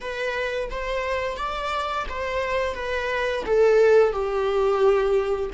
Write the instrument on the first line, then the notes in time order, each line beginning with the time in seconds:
viola
0.00 B4
0.70 C5
1.36 D5
2.08 C5
2.74 B4
3.45 A4
4.12 G4